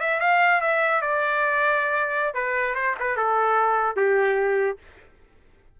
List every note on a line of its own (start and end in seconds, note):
0.00 0.20 E5
0.20 0.61 F5
0.61 1.01 E5
1.01 2.34 D5
2.34 2.75 B4
2.75 2.95 C5
2.99 3.16 B4
3.16 3.96 A4
3.96 4.78 G4